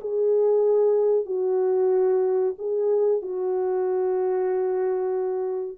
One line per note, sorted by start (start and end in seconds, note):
0.00 1.26 G#4
1.26 2.55 F#4
2.58 3.22 G#4
3.22 5.78 F#4